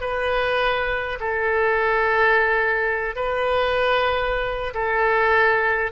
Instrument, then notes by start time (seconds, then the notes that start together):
oboe
0.00 B4
1.20 A4
3.15 B4
4.74 A4